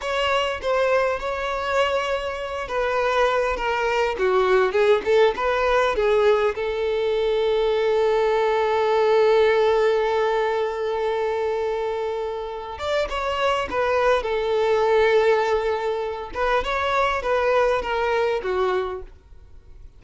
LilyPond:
\new Staff \with { instrumentName = "violin" } { \time 4/4 \tempo 4 = 101 cis''4 c''4 cis''2~ | cis''8 b'4. ais'4 fis'4 | gis'8 a'8 b'4 gis'4 a'4~ | a'1~ |
a'1~ | a'4. d''8 cis''4 b'4 | a'2.~ a'8 b'8 | cis''4 b'4 ais'4 fis'4 | }